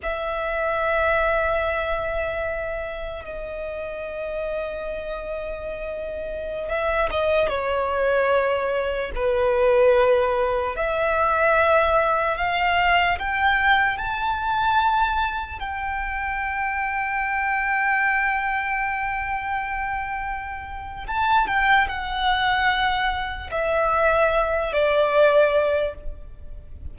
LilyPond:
\new Staff \with { instrumentName = "violin" } { \time 4/4 \tempo 4 = 74 e''1 | dis''1~ | dis''16 e''8 dis''8 cis''2 b'8.~ | b'4~ b'16 e''2 f''8.~ |
f''16 g''4 a''2 g''8.~ | g''1~ | g''2 a''8 g''8 fis''4~ | fis''4 e''4. d''4. | }